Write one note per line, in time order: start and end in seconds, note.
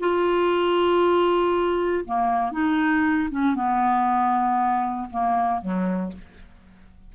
0.00 2.05 F4
2.06 2.52 A#3
2.52 3.29 D#4
3.31 3.55 C#4
3.55 5.09 B3
5.11 5.62 A#3
5.62 6.13 F#3